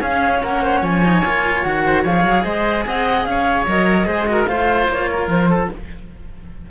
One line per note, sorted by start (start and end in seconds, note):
0.00 0.42 C#4
0.00 1.03 C#4
0.00 0.41 G#4
0.00 0.43 F5
0.43 0.82 A#3
0.43 0.63 A#4
0.43 0.84 F#5
0.63 0.80 C5
0.80 1.22 F3
0.80 1.82 C#5
0.80 1.63 G#5
1.04 1.24 D#4
1.24 1.64 A#3
1.24 1.66 F4
1.63 2.05 D#3
1.63 2.05 F#4
1.63 2.03 F#5
1.86 2.03 C5
2.03 2.24 F3
2.03 3.67 G#4
2.03 2.43 C#5
2.03 2.44 F5
2.24 2.44 F#3
2.44 2.85 G#3
2.44 2.85 C5
2.44 2.85 D#5
2.87 3.26 C4
2.87 3.28 D#5
2.87 3.25 F#5
3.25 3.67 C#4
3.25 4.07 C#5
3.25 3.65 F5
3.67 4.07 F#3
3.67 4.06 A#4
3.67 4.47 D#5
4.06 4.48 G#3
4.06 4.26 G#4
4.06 4.28 C5
4.27 4.47 F#4
4.27 4.49 A#4
4.47 4.88 A3
4.47 5.70 F4
4.47 5.10 C5
4.47 4.87 F5
4.89 5.28 A#3
4.89 5.30 C#5
5.12 5.50 A#4
5.28 5.68 F3
5.28 5.71 C5
5.50 5.70 A4